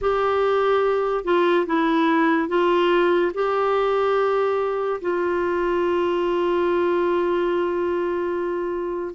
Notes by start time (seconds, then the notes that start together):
0.01 G4
1.24 F4
1.66 E4
2.48 F4
3.33 G4
5.01 F4